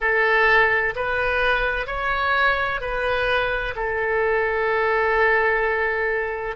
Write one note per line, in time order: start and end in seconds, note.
0.00 0.94 A4
0.95 1.87 B4
1.87 2.80 C#5
2.80 3.74 B4
3.75 6.55 A4